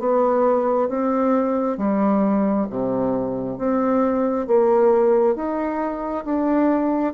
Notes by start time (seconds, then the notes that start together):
0.00 B3
0.89 C4
1.78 G3
2.70 C3
3.58 C4
4.47 A#3
5.36 D#4
6.25 D4